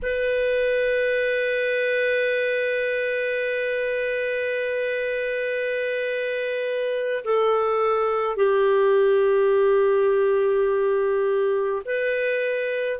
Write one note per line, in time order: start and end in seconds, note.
0.02 7.23 B4
7.24 8.36 A4
8.36 11.82 G4
11.85 12.99 B4